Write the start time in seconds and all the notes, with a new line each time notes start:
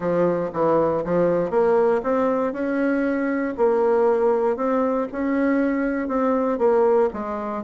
0.00 F3
0.53 E3
1.04 F3
1.50 A#3
2.03 C4
2.52 C#4
3.57 A#3
4.56 C4
5.11 C#4
6.08 C4
6.58 A#3
7.13 G#3